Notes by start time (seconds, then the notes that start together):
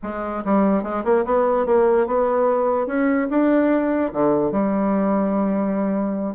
0.02 G#3
0.44 G3
0.83 G#3
1.04 A#3
1.25 B3
1.66 A#3
2.06 B3
2.87 C#4
3.30 D4
4.12 D3
4.51 G3